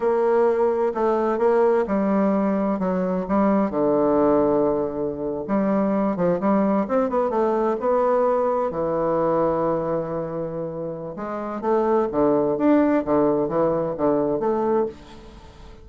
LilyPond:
\new Staff \with { instrumentName = "bassoon" } { \time 4/4 \tempo 4 = 129 ais2 a4 ais4 | g2 fis4 g4 | d2.~ d8. g16~ | g4~ g16 f8 g4 c'8 b8 a16~ |
a8. b2 e4~ e16~ | e1 | gis4 a4 d4 d'4 | d4 e4 d4 a4 | }